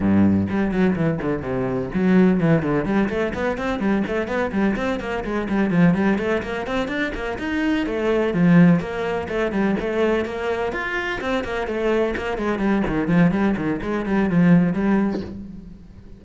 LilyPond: \new Staff \with { instrumentName = "cello" } { \time 4/4 \tempo 4 = 126 g,4 g8 fis8 e8 d8 c4 | fis4 e8 d8 g8 a8 b8 c'8 | g8 a8 b8 g8 c'8 ais8 gis8 g8 | f8 g8 a8 ais8 c'8 d'8 ais8 dis'8~ |
dis'8 a4 f4 ais4 a8 | g8 a4 ais4 f'4 c'8 | ais8 a4 ais8 gis8 g8 dis8 f8 | g8 dis8 gis8 g8 f4 g4 | }